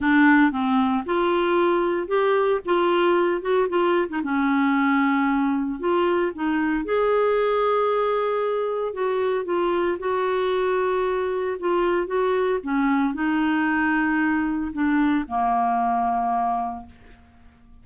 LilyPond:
\new Staff \with { instrumentName = "clarinet" } { \time 4/4 \tempo 4 = 114 d'4 c'4 f'2 | g'4 f'4. fis'8 f'8. dis'16 | cis'2. f'4 | dis'4 gis'2.~ |
gis'4 fis'4 f'4 fis'4~ | fis'2 f'4 fis'4 | cis'4 dis'2. | d'4 ais2. | }